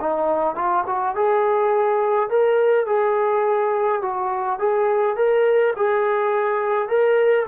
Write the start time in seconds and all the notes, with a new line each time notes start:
0.00 D#4
0.55 F4
0.87 F#4
1.15 G#4
2.29 A#4
2.86 G#4
4.02 F#4
4.59 G#4
5.16 A#4
5.76 G#4
6.88 A#4